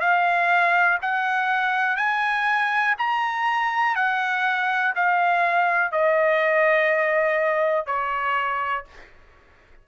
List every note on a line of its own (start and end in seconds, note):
0.00 0.98 F5
1.02 1.97 F#5
1.97 2.95 G#5
2.98 3.96 A#5
3.96 4.94 F#5
4.96 5.92 F5
5.92 7.86 D#5
7.86 8.85 C#5